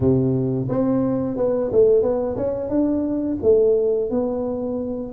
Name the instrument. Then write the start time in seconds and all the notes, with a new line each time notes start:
tuba
0.00 C3
0.68 C4
1.36 B3
1.71 A3
2.02 B3
2.36 C#4
2.69 D4
3.42 A3
4.10 B3